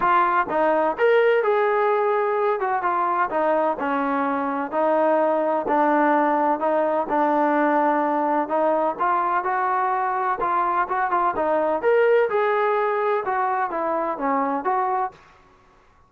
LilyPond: \new Staff \with { instrumentName = "trombone" } { \time 4/4 \tempo 4 = 127 f'4 dis'4 ais'4 gis'4~ | gis'4. fis'8 f'4 dis'4 | cis'2 dis'2 | d'2 dis'4 d'4~ |
d'2 dis'4 f'4 | fis'2 f'4 fis'8 f'8 | dis'4 ais'4 gis'2 | fis'4 e'4 cis'4 fis'4 | }